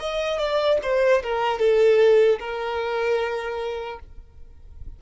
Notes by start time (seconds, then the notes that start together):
0.00 D#5
0.39 D5
0.83 C5
1.24 A#4
1.60 A4
2.40 A#4